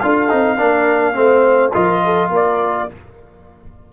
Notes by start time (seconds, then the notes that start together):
0.00 D4 F4 A4 F5
0.29 C4 D#4
0.58 A#3 D4 A#4
1.14 A3 C4 C5
1.74 F3 F4 A#4 D#5
2.05 A4
2.30 A#3 A#4 D5